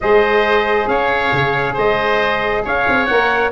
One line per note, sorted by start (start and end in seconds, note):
0.00 0.87 G#3
0.00 3.08 G#4
0.00 0.89 C5
0.00 0.87 D#5
0.87 1.31 C#4
0.87 1.73 C#5
0.87 1.76 F5
1.32 1.76 C#3
1.73 2.65 G#3
1.73 2.61 C5
1.73 2.65 D#5
2.64 2.87 C#4
2.64 3.51 C#5
2.64 3.06 F5
2.88 3.10 C4
3.06 3.51 A#3
3.06 3.51 A#4
3.06 3.50 F#5